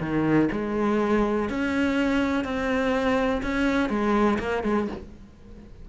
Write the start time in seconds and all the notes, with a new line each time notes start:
0.00 D#3
0.51 G#3
1.49 C#4
2.44 C4
3.42 C#4
3.89 G#3
4.39 A#3
4.63 G#3